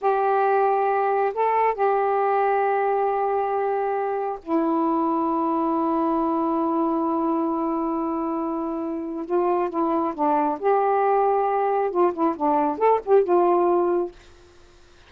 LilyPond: \new Staff \with { instrumentName = "saxophone" } { \time 4/4 \tempo 4 = 136 g'2. a'4 | g'1~ | g'2 e'2~ | e'1~ |
e'1~ | e'4 f'4 e'4 d'4 | g'2. f'8 e'8 | d'4 a'8 g'8 f'2 | }